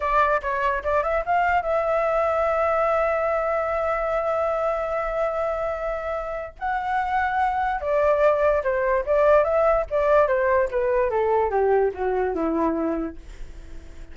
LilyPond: \new Staff \with { instrumentName = "flute" } { \time 4/4 \tempo 4 = 146 d''4 cis''4 d''8 e''8 f''4 | e''1~ | e''1~ | e''1 |
fis''2. d''4~ | d''4 c''4 d''4 e''4 | d''4 c''4 b'4 a'4 | g'4 fis'4 e'2 | }